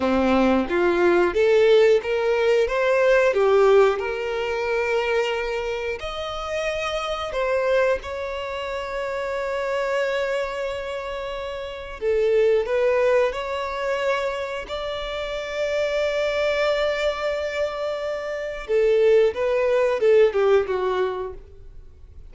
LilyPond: \new Staff \with { instrumentName = "violin" } { \time 4/4 \tempo 4 = 90 c'4 f'4 a'4 ais'4 | c''4 g'4 ais'2~ | ais'4 dis''2 c''4 | cis''1~ |
cis''2 a'4 b'4 | cis''2 d''2~ | d''1 | a'4 b'4 a'8 g'8 fis'4 | }